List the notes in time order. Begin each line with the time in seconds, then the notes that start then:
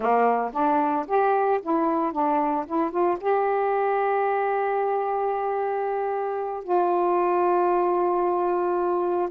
0.00 A#3
0.53 D4
1.07 G4
1.62 E4
2.12 D4
2.66 E4
2.91 F4
3.20 G4
6.63 F4